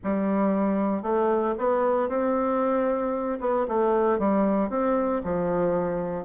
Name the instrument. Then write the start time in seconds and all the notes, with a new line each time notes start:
bassoon
0.03 G3
1.02 A3
1.58 B3
2.08 C4
3.40 B3
3.68 A3
4.18 G3
4.69 C4
5.23 F3